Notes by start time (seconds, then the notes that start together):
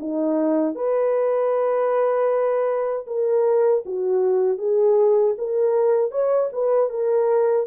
0.00 D#4
0.76 B4
3.07 A#4
3.86 F#4
4.58 G#4
5.38 A#4
6.12 C#5
6.53 B4
6.90 A#4